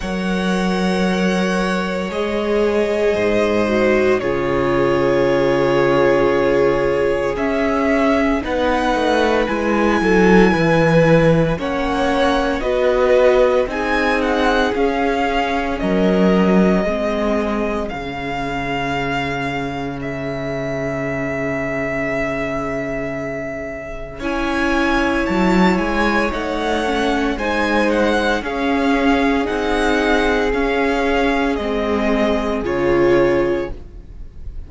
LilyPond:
<<
  \new Staff \with { instrumentName = "violin" } { \time 4/4 \tempo 4 = 57 fis''2 dis''2 | cis''2. e''4 | fis''4 gis''2 fis''4 | dis''4 gis''8 fis''8 f''4 dis''4~ |
dis''4 f''2 e''4~ | e''2. gis''4 | a''8 gis''8 fis''4 gis''8 fis''8 f''4 | fis''4 f''4 dis''4 cis''4 | }
  \new Staff \with { instrumentName = "violin" } { \time 4/4 cis''2. c''4 | gis'1 | b'4. a'8 b'4 cis''4 | b'4 gis'2 ais'4 |
gis'1~ | gis'2. cis''4~ | cis''2 c''4 gis'4~ | gis'1 | }
  \new Staff \with { instrumentName = "viola" } { \time 4/4 ais'2 gis'4. fis'8 | f'2. cis'4 | dis'4 e'2 cis'4 | fis'4 dis'4 cis'2 |
c'4 cis'2.~ | cis'2. e'4~ | e'4 dis'8 cis'8 dis'4 cis'4 | dis'4 cis'4 c'4 f'4 | }
  \new Staff \with { instrumentName = "cello" } { \time 4/4 fis2 gis4 gis,4 | cis2. cis'4 | b8 a8 gis8 fis8 e4 ais4 | b4 c'4 cis'4 fis4 |
gis4 cis2.~ | cis2. cis'4 | fis8 gis8 a4 gis4 cis'4 | c'4 cis'4 gis4 cis4 | }
>>